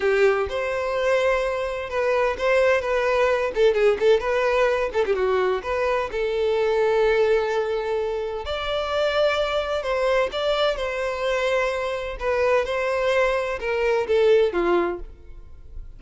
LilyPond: \new Staff \with { instrumentName = "violin" } { \time 4/4 \tempo 4 = 128 g'4 c''2. | b'4 c''4 b'4. a'8 | gis'8 a'8 b'4. a'16 g'16 fis'4 | b'4 a'2.~ |
a'2 d''2~ | d''4 c''4 d''4 c''4~ | c''2 b'4 c''4~ | c''4 ais'4 a'4 f'4 | }